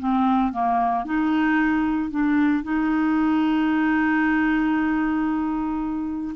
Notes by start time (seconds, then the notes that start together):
0.00 C4
0.53 A#3
1.05 D#4
2.11 D4
2.64 D#4